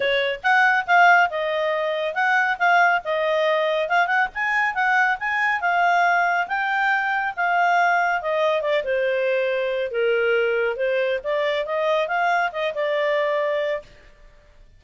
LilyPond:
\new Staff \with { instrumentName = "clarinet" } { \time 4/4 \tempo 4 = 139 cis''4 fis''4 f''4 dis''4~ | dis''4 fis''4 f''4 dis''4~ | dis''4 f''8 fis''8 gis''4 fis''4 | gis''4 f''2 g''4~ |
g''4 f''2 dis''4 | d''8 c''2~ c''8 ais'4~ | ais'4 c''4 d''4 dis''4 | f''4 dis''8 d''2~ d''8 | }